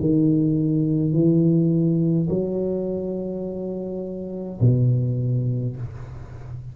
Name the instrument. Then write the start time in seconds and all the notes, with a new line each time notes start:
tuba
0.00 D#3
1.12 E3
2.29 F#3
4.61 B2